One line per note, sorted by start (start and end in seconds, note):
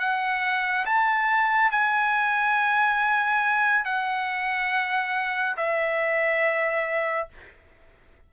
0.00 0.86 F#5
0.86 1.72 A5
1.72 3.85 G#5
3.85 5.56 F#5
5.58 7.29 E5